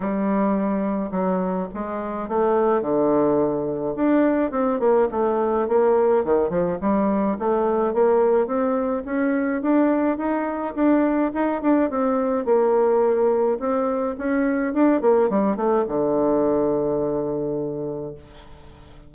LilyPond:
\new Staff \with { instrumentName = "bassoon" } { \time 4/4 \tempo 4 = 106 g2 fis4 gis4 | a4 d2 d'4 | c'8 ais8 a4 ais4 dis8 f8 | g4 a4 ais4 c'4 |
cis'4 d'4 dis'4 d'4 | dis'8 d'8 c'4 ais2 | c'4 cis'4 d'8 ais8 g8 a8 | d1 | }